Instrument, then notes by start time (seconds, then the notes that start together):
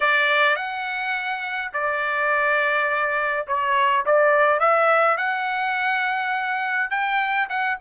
trumpet
0.00 D5
0.55 F#5
1.73 D5
3.47 C#5
4.05 D5
4.59 E5
5.17 F#5
6.90 G5
7.49 F#5